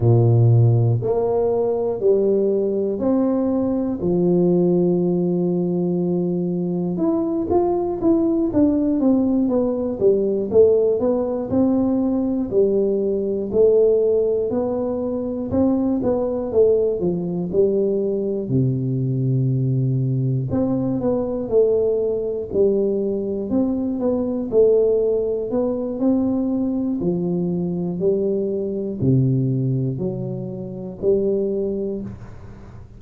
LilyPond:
\new Staff \with { instrumentName = "tuba" } { \time 4/4 \tempo 4 = 60 ais,4 ais4 g4 c'4 | f2. e'8 f'8 | e'8 d'8 c'8 b8 g8 a8 b8 c'8~ | c'8 g4 a4 b4 c'8 |
b8 a8 f8 g4 c4.~ | c8 c'8 b8 a4 g4 c'8 | b8 a4 b8 c'4 f4 | g4 c4 fis4 g4 | }